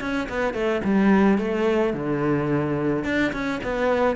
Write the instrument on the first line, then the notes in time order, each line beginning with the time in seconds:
cello
0.00 C#4
0.29 B3
0.54 A3
0.84 G3
1.38 A3
1.93 D3
3.04 D4
3.32 C#4
3.64 B3